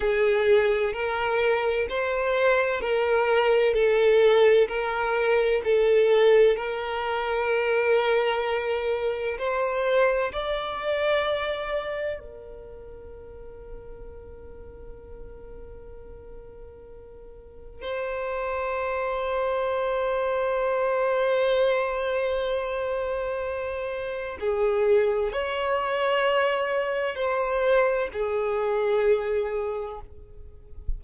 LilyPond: \new Staff \with { instrumentName = "violin" } { \time 4/4 \tempo 4 = 64 gis'4 ais'4 c''4 ais'4 | a'4 ais'4 a'4 ais'4~ | ais'2 c''4 d''4~ | d''4 ais'2.~ |
ais'2. c''4~ | c''1~ | c''2 gis'4 cis''4~ | cis''4 c''4 gis'2 | }